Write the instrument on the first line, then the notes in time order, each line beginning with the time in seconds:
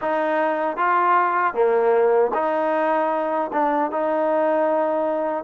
trombone
0.01 D#4
0.77 F4
1.53 A#3
2.33 D#4
3.52 D4
3.91 D#4